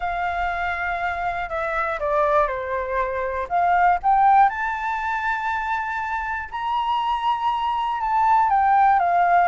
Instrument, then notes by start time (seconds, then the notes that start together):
flute
0.00 F5
1.49 E5
1.99 D5
2.47 C5
3.48 F5
4.02 G5
4.49 A5
6.51 A#5
8.00 A5
8.49 G5
8.99 F5